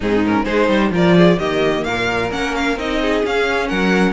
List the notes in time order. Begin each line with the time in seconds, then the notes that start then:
0.00 G#2 C4 D#4 G#4
0.25 C#4 A#4
0.44 G#3 D#4 G#4 C5
0.68 G3 C5
0.90 F3 F4 A#4 D5
1.17 G#4
1.38 D#3 A#3 G4 D#5
1.84 A#2 A#4 F5
2.30 A#3 C#4 F#5
2.55 F5
2.76 C4 D#4 D#5
3.00 G#4
3.23 C#4 F5
3.68 F#3 A#4 F#5